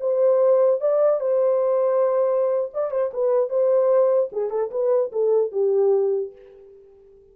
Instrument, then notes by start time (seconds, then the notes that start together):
horn
0.00 C5
0.80 D5
1.20 C5
2.74 D5
2.90 C5
3.13 B4
3.49 C5
4.32 G#4
4.50 A4
4.71 B4
5.12 A4
5.51 G4